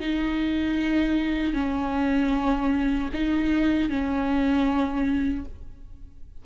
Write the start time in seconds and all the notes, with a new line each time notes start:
0.00 D#4
1.54 C#4
3.14 D#4
3.89 C#4